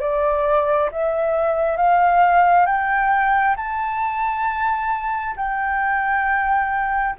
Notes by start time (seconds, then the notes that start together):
0.00 D5
0.92 E5
1.77 F5
2.66 G5
3.56 A5
5.36 G5